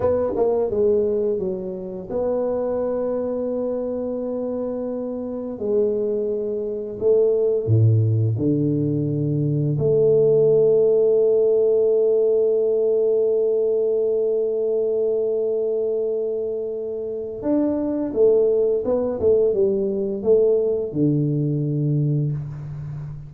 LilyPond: \new Staff \with { instrumentName = "tuba" } { \time 4/4 \tempo 4 = 86 b8 ais8 gis4 fis4 b4~ | b1 | gis2 a4 a,4 | d2 a2~ |
a1~ | a1~ | a4 d'4 a4 b8 a8 | g4 a4 d2 | }